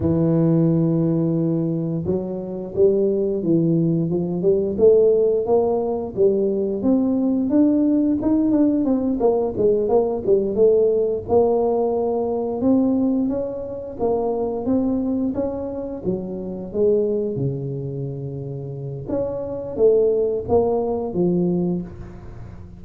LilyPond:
\new Staff \with { instrumentName = "tuba" } { \time 4/4 \tempo 4 = 88 e2. fis4 | g4 e4 f8 g8 a4 | ais4 g4 c'4 d'4 | dis'8 d'8 c'8 ais8 gis8 ais8 g8 a8~ |
a8 ais2 c'4 cis'8~ | cis'8 ais4 c'4 cis'4 fis8~ | fis8 gis4 cis2~ cis8 | cis'4 a4 ais4 f4 | }